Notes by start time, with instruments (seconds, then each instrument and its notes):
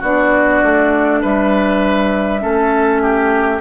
0.00 bassoon B3, clarinet D4, oboe F#4, flute D5
0.63 bassoon A3
1.22 bassoon G3, oboe B4, flute E5
2.41 bassoon A3, clarinet C#4, oboe A4
3.02 oboe G4